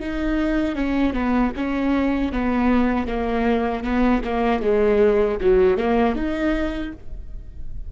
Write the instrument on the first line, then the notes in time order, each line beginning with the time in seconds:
viola
0.00 D#4
0.76 C#4
1.14 B3
1.57 C#4
2.32 B3
3.07 A#3
3.84 B3
4.24 A#3
4.62 G#3
5.41 F#3
5.77 A#3
6.15 D#4